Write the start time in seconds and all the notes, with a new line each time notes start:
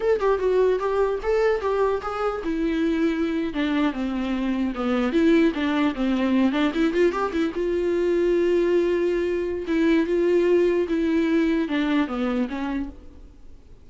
0.00 A4
0.20 G4
0.38 F#4
0.79 G4
1.22 A4
1.61 G4
2.02 G#4
2.43 E4
3.53 D4
3.93 C4
4.75 B3
5.12 E4
5.54 D4
5.95 C4
6.52 D4
6.74 E4
6.93 F4
7.11 G4
7.32 E4
7.54 F4
9.67 E4
10.06 F4
10.88 E4
11.68 D4
12.07 B3
12.48 C#4